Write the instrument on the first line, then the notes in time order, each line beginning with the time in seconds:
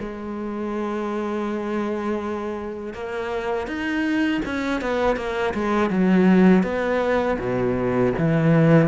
cello
0.00 G#3
2.94 A#3
3.68 D#4
4.46 C#4
4.82 B3
5.17 A#3
5.55 G#3
5.91 F#3
6.64 B3
7.40 B2
8.19 E3